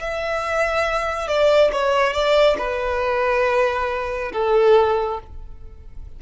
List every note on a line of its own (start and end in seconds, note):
0.00 1.28 E5
1.28 1.72 D5
1.72 2.13 C#5
2.13 2.57 D5
2.58 4.32 B4
4.33 5.20 A4